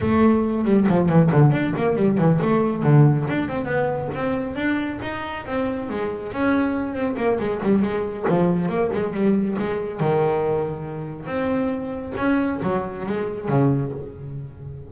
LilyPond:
\new Staff \with { instrumentName = "double bass" } { \time 4/4 \tempo 4 = 138 a4. g8 f8 e8 d8 d'8 | ais8 g8 e8 a4 d4 d'8 | c'8 b4 c'4 d'4 dis'8~ | dis'8 c'4 gis4 cis'4. |
c'8 ais8 gis8 g8 gis4 f4 | ais8 gis8 g4 gis4 dis4~ | dis2 c'2 | cis'4 fis4 gis4 cis4 | }